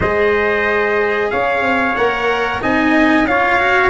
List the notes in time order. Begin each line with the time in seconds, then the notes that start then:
0.00 G#3 G#4 C5 D#5
1.30 C#4 C#5 F5
1.62 C4
1.95 A#3 A#4 F#5
2.61 C4 D#4 D#5 G#5
3.23 C#4 F4 C#5 F5
3.59 F#4